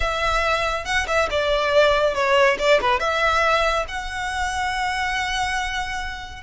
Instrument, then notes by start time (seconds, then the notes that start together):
violin
0.00 E5
0.85 F#5
1.07 E5
1.30 D5
2.14 C#5
2.58 D5
2.81 B4
2.99 E5
3.88 F#5